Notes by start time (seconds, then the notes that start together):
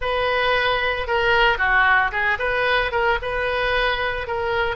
0.01 B4
1.07 A#4
1.58 F#4
2.11 G#4
2.38 B4
2.91 A#4
3.21 B4
4.27 A#4